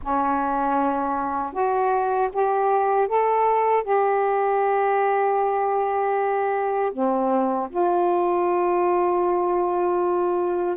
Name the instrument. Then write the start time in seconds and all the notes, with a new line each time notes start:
saxophone
0.02 C#4
1.52 F#4
2.32 G4
3.08 A4
3.83 G4
6.92 C4
7.70 F4